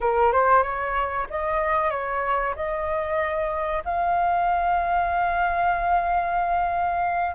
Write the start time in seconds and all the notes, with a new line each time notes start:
0.01 A#4
0.32 C5
0.62 C#5
1.29 D#5
1.90 C#5
2.55 D#5
3.85 F5